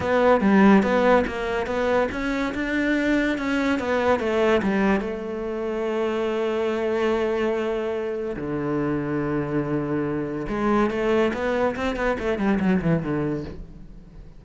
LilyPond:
\new Staff \with { instrumentName = "cello" } { \time 4/4 \tempo 4 = 143 b4 g4 b4 ais4 | b4 cis'4 d'2 | cis'4 b4 a4 g4 | a1~ |
a1 | d1~ | d4 gis4 a4 b4 | c'8 b8 a8 g8 fis8 e8 d4 | }